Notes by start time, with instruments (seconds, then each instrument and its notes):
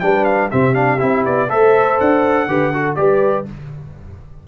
0.00 tuba G3, trombone D4, horn B4, trumpet G5
0.24 trumpet F5
0.51 tuba C3, trombone C4, horn G4, trumpet E5
0.74 trombone D4, trumpet F5
0.99 tuba C4, trombone E4, trumpet E5
1.25 tuba B3, trumpet D5
1.49 tuba A3, trombone A4, horn C5, trumpet E5
2.00 tuba D4, trumpet F#5
2.47 tuba D3, trombone G4, horn B4
2.72 trombone F#4, horn A4
2.95 tuba G3, trombone G4, horn B4, trumpet D5